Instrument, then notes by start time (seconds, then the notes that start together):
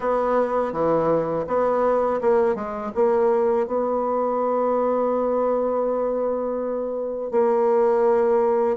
bassoon
0.00 B3
0.72 E3
1.47 B3
2.21 A#3
2.55 G#3
2.95 A#3
3.66 B3
7.31 A#3